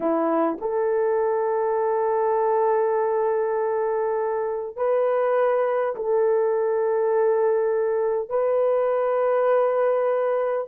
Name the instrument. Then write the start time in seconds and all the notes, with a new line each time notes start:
horn
0.00 E4
0.60 A4
4.76 B4
5.95 A4
8.29 B4